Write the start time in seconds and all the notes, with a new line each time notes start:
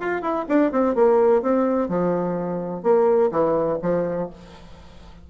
0.00 F4
0.22 E4
0.48 D4
0.71 C4
0.95 A#3
1.42 C4
1.89 F3
2.83 A#3
3.31 E3
3.82 F3